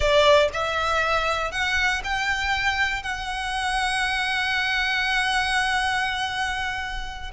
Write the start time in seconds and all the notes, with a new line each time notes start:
0.00 D5
0.53 E5
1.51 F#5
2.04 G5
3.02 F#5